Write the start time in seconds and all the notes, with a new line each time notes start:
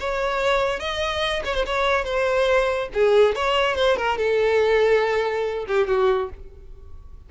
0.00 C#5
0.79 D#5
1.45 C#5
1.54 C5
1.66 C#5
2.04 C5
2.93 G#4
3.35 C#5
3.75 C5
3.97 A#4
4.18 A4
5.67 G4
5.87 F#4